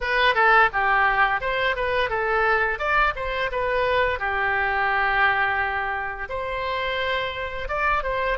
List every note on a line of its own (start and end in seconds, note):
0.00 0.35 B4
0.35 0.69 A4
0.72 1.40 G4
1.40 1.75 C5
1.76 2.09 B4
2.09 2.78 A4
2.78 3.13 D5
3.15 3.50 C5
3.51 4.19 B4
4.19 6.28 G4
6.29 7.68 C5
7.68 8.03 D5
8.03 8.38 C5